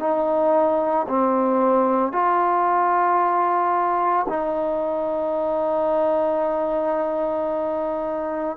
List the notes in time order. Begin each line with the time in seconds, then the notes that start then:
0.00 D#4
1.09 C4
2.12 F4
4.29 D#4